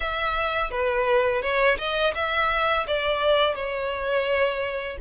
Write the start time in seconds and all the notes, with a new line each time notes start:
0.00 E5
0.70 B4
1.42 C#5
1.78 D#5
2.15 E5
2.87 D5
3.55 C#5